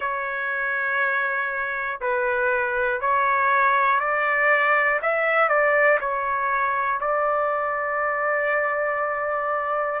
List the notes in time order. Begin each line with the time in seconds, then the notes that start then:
0.00 C#5
2.00 B4
3.00 C#5
4.00 D5
5.01 E5
5.49 D5
6.00 C#5
7.00 D5